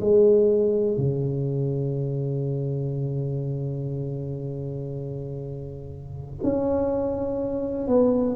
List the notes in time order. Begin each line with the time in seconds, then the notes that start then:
0.00 G#3
0.97 C#3
6.42 C#4
7.87 B3